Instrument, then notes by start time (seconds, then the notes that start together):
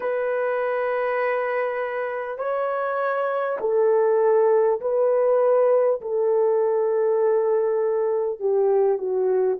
horn
0.00 B4
2.38 C#5
3.60 A4
4.80 B4
6.01 A4
8.39 G4
8.97 F#4